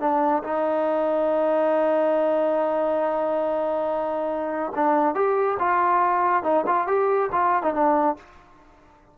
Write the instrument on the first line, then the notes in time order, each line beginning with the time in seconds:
trombone
0.00 D4
0.44 D#4
4.75 D4
5.15 G4
5.59 F4
6.43 D#4
6.67 F4
6.87 G4
7.32 F4
7.63 D#4
7.74 D4